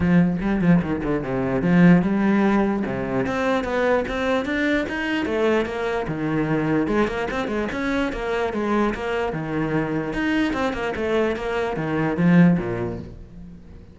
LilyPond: \new Staff \with { instrumentName = "cello" } { \time 4/4 \tempo 4 = 148 f4 g8 f8 dis8 d8 c4 | f4 g2 c4 | c'4 b4 c'4 d'4 | dis'4 a4 ais4 dis4~ |
dis4 gis8 ais8 c'8 gis8 cis'4 | ais4 gis4 ais4 dis4~ | dis4 dis'4 c'8 ais8 a4 | ais4 dis4 f4 ais,4 | }